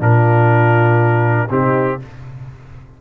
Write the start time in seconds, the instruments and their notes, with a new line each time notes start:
0.00 tuba A#2, trombone D4, horn F4, trumpet A#4
1.49 tuba C3, trombone C4, horn D#4, trumpet G4